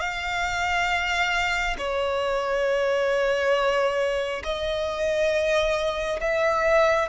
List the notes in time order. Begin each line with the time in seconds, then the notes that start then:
0.00 F5
1.78 C#5
4.44 D#5
6.21 E5